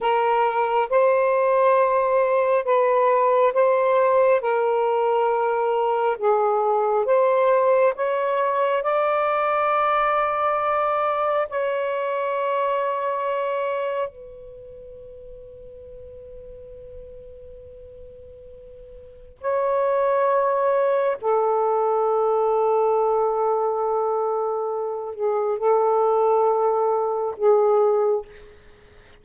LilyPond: \new Staff \with { instrumentName = "saxophone" } { \time 4/4 \tempo 4 = 68 ais'4 c''2 b'4 | c''4 ais'2 gis'4 | c''4 cis''4 d''2~ | d''4 cis''2. |
b'1~ | b'2 cis''2 | a'1~ | a'8 gis'8 a'2 gis'4 | }